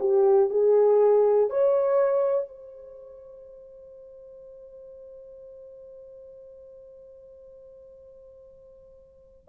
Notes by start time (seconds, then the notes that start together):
0.00 G4
0.50 G#4
1.50 C#5
2.48 C5